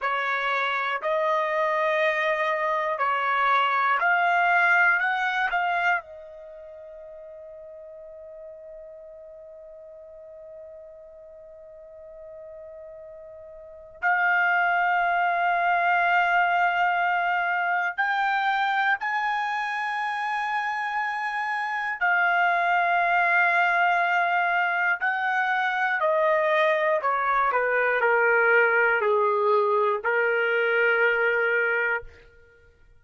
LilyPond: \new Staff \with { instrumentName = "trumpet" } { \time 4/4 \tempo 4 = 60 cis''4 dis''2 cis''4 | f''4 fis''8 f''8 dis''2~ | dis''1~ | dis''2 f''2~ |
f''2 g''4 gis''4~ | gis''2 f''2~ | f''4 fis''4 dis''4 cis''8 b'8 | ais'4 gis'4 ais'2 | }